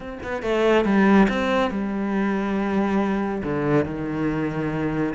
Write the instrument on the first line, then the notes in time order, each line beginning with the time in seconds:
cello
0.00 C4
0.23 B3
0.42 A3
0.84 G3
1.29 C4
1.70 G3
3.43 D3
3.85 D#3